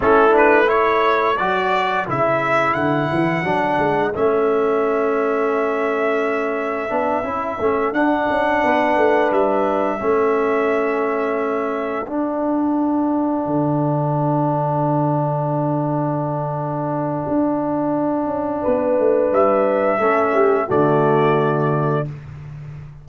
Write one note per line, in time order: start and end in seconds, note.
0.00 1.38 A3
0.00 0.30 C#4
0.00 0.69 E4
0.00 0.36 A4
0.30 0.65 D4
0.30 0.69 B4
0.66 1.35 E4
0.66 8.62 A4
0.66 1.36 C#5
1.36 2.07 F#3
1.36 2.06 F#4
1.36 2.05 D5
2.06 2.74 C#3
2.06 3.44 E4
2.06 2.73 E5
2.73 3.09 D3
2.73 4.11 F#5
3.12 3.43 E3
3.43 3.77 F#3
3.43 4.13 D4
3.78 4.12 G#3
4.14 6.91 A3
4.14 6.89 C#4
4.14 7.94 E5
6.89 7.23 B3
6.89 7.23 D4
7.23 7.57 C#4
7.23 7.58 E4
7.59 7.92 A3
7.59 7.94 C#4
7.92 8.27 D4
7.92 9.99 D4
7.92 9.32 F#5
8.29 8.64 C#4
8.63 8.96 B3
8.63 9.99 B4
8.96 9.31 A3
9.31 10.00 G3
9.31 12.07 E5
9.99 12.07 A3
9.99 12.06 C#4
9.99 18.61 A4
12.07 20.00 D4
12.07 13.45 D4
12.07 19.31 F#5
13.45 17.25 D3
17.27 18.25 D4
18.25 18.59 C#4
18.62 18.99 B3
18.62 19.98 B4
18.99 19.32 A3
19.32 19.99 G3
19.32 20.70 E5
19.98 20.68 A3
19.98 20.67 C#4
19.98 20.33 A4
20.33 20.66 G4
20.66 22.07 D3
20.66 22.05 A3
20.66 22.04 F#4
20.66 22.08 D5